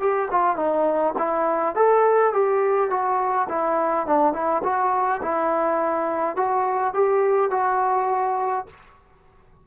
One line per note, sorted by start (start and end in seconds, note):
0.00 0.29 G4
0.31 0.57 F4
0.57 1.14 D#4
1.19 1.76 E4
1.76 2.33 A4
2.34 2.91 G4
2.91 3.49 F#4
3.49 4.07 E4
4.07 4.34 D4
4.34 4.63 E4
4.64 5.22 F#4
5.22 6.36 E4
6.36 6.94 F#4
6.94 7.51 G4
7.51 8.66 F#4